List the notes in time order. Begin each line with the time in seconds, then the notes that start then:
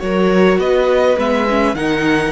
0.00 F#3 F#4 A#4 C#5
0.58 B3 B4 D#5
1.19 G#3 B3 E5
1.50 C#4
1.74 D#3 D#4 A#4 F#5